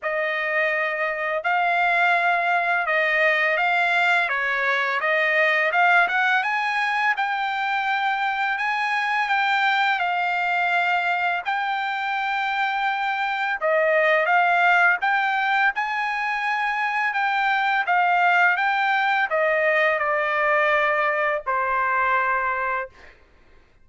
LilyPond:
\new Staff \with { instrumentName = "trumpet" } { \time 4/4 \tempo 4 = 84 dis''2 f''2 | dis''4 f''4 cis''4 dis''4 | f''8 fis''8 gis''4 g''2 | gis''4 g''4 f''2 |
g''2. dis''4 | f''4 g''4 gis''2 | g''4 f''4 g''4 dis''4 | d''2 c''2 | }